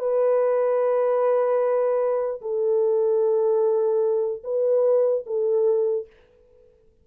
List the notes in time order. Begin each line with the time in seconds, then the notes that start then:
0.00 B4
2.42 A4
4.44 B4
5.26 A4